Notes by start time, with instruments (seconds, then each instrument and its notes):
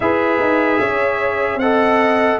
0.00 tuba E4, trombone G#4, horn B4, trumpet E5
0.39 tuba D#4
0.80 tuba C#4, horn C#5
1.56 tuba C4, trombone A4, trumpet F#5
1.62 horn D#5